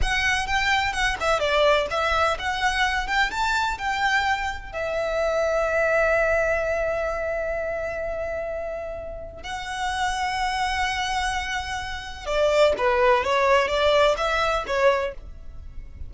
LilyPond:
\new Staff \with { instrumentName = "violin" } { \time 4/4 \tempo 4 = 127 fis''4 g''4 fis''8 e''8 d''4 | e''4 fis''4. g''8 a''4 | g''2 e''2~ | e''1~ |
e''1 | fis''1~ | fis''2 d''4 b'4 | cis''4 d''4 e''4 cis''4 | }